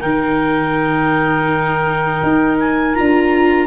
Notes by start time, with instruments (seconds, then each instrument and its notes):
0.00 tuba D#3, viola D#4, oboe A#4, clarinet G5
2.23 tuba D#4
2.59 clarinet G#5
2.94 tuba D4, viola F4, clarinet A#5